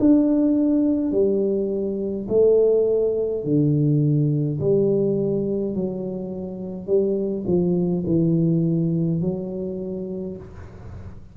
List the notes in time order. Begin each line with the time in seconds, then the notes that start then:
0.00 D4
1.12 G3
2.29 A3
3.45 D3
4.60 G3
5.75 F#3
6.87 G3
7.47 F3
8.07 E3
9.22 F#3